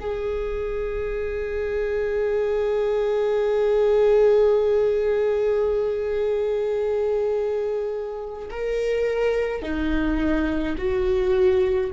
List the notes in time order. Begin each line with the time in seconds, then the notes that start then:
0.00 G#4
8.50 A#4
9.62 D#4
10.78 F#4